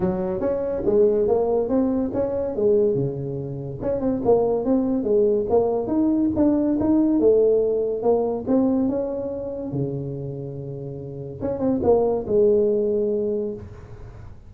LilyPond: \new Staff \with { instrumentName = "tuba" } { \time 4/4 \tempo 4 = 142 fis4 cis'4 gis4 ais4 | c'4 cis'4 gis4 cis4~ | cis4 cis'8 c'8 ais4 c'4 | gis4 ais4 dis'4 d'4 |
dis'4 a2 ais4 | c'4 cis'2 cis4~ | cis2. cis'8 c'8 | ais4 gis2. | }